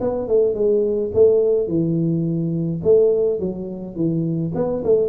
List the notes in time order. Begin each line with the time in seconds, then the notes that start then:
0.00 B3
0.28 A3
0.54 G#3
1.14 A3
1.67 E3
2.83 A3
3.39 F#3
3.95 E3
4.54 B3
4.84 A3